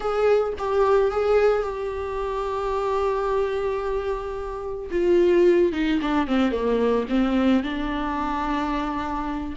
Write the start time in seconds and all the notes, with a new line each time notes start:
0.00 G#4
0.58 G4
1.11 G#4
1.62 G4
4.90 F4
5.72 D#4
6.01 D4
6.27 C4
6.51 A#3
7.09 C4
7.63 D4